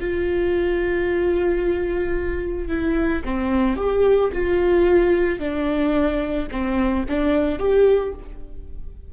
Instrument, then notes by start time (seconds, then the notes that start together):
viola
0.00 F4
2.68 E4
3.24 C4
3.76 G4
4.33 F4
5.39 D4
6.51 C4
7.08 D4
7.58 G4